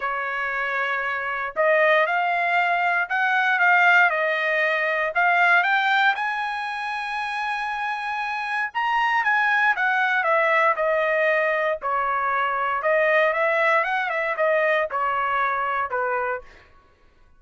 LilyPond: \new Staff \with { instrumentName = "trumpet" } { \time 4/4 \tempo 4 = 117 cis''2. dis''4 | f''2 fis''4 f''4 | dis''2 f''4 g''4 | gis''1~ |
gis''4 ais''4 gis''4 fis''4 | e''4 dis''2 cis''4~ | cis''4 dis''4 e''4 fis''8 e''8 | dis''4 cis''2 b'4 | }